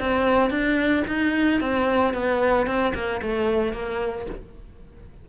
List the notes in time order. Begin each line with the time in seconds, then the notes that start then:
0.00 C4
0.50 D4
1.08 D#4
1.61 C4
2.14 B3
2.67 C4
2.94 A#3
3.22 A3
3.73 A#3